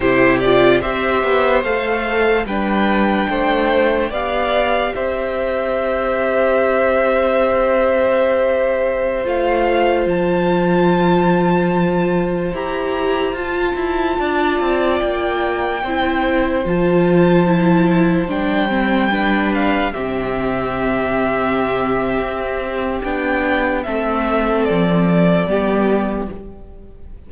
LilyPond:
<<
  \new Staff \with { instrumentName = "violin" } { \time 4/4 \tempo 4 = 73 c''8 d''8 e''4 f''4 g''4~ | g''4 f''4 e''2~ | e''2.~ e''16 f''8.~ | f''16 a''2. ais''8.~ |
ais''16 a''2 g''4.~ g''16~ | g''16 a''2 g''4. f''16~ | f''16 e''2.~ e''8. | g''4 e''4 d''2 | }
  \new Staff \with { instrumentName = "violin" } { \time 4/4 g'4 c''2 b'4 | c''4 d''4 c''2~ | c''1~ | c''1~ |
c''4~ c''16 d''2 c''8.~ | c''2.~ c''16 b'8.~ | b'16 g'2.~ g'8.~ | g'4 a'2 g'4 | }
  \new Staff \with { instrumentName = "viola" } { \time 4/4 e'8 f'8 g'4 a'4 d'4~ | d'4 g'2.~ | g'2.~ g'16 f'8.~ | f'2.~ f'16 g'8.~ |
g'16 f'2. e'8.~ | e'16 f'4 e'4 d'8 c'8 d'8.~ | d'16 c'2.~ c'8. | d'4 c'2 b4 | }
  \new Staff \with { instrumentName = "cello" } { \time 4/4 c4 c'8 b8 a4 g4 | a4 b4 c'2~ | c'2.~ c'16 a8.~ | a16 f2. e'8.~ |
e'16 f'8 e'8 d'8 c'8 ais4 c'8.~ | c'16 f2 g4.~ g16~ | g16 c2~ c8. c'4 | b4 a4 f4 g4 | }
>>